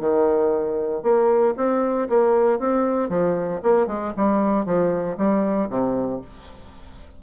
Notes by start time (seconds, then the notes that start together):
0.00 D#3
1.03 A#3
1.57 C4
2.09 A#3
2.59 C4
3.09 F3
3.63 A#3
3.87 G#3
4.17 G3
4.66 F3
5.18 G3
5.69 C3